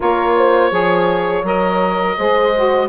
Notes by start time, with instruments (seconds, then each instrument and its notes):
0.00 bassoon A#3, saxophone F4, horn A#4, oboe C#5
0.37 horn C5
0.70 bassoon F3, saxophone G#4, horn C#5
1.43 bassoon F#3, saxophone A#4, oboe D#5
2.17 bassoon G#3, saxophone G#4, horn C5
2.55 saxophone F#4